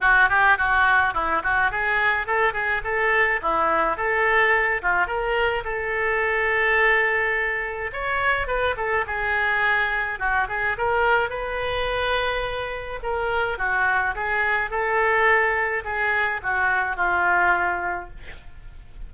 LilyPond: \new Staff \with { instrumentName = "oboe" } { \time 4/4 \tempo 4 = 106 fis'8 g'8 fis'4 e'8 fis'8 gis'4 | a'8 gis'8 a'4 e'4 a'4~ | a'8 f'8 ais'4 a'2~ | a'2 cis''4 b'8 a'8 |
gis'2 fis'8 gis'8 ais'4 | b'2. ais'4 | fis'4 gis'4 a'2 | gis'4 fis'4 f'2 | }